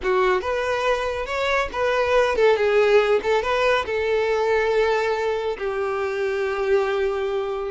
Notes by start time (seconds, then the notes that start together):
0.03 F#4
0.41 B4
1.26 C#5
1.72 B4
2.35 A4
2.56 G#4
3.23 A4
3.42 B4
3.85 A4
5.58 G4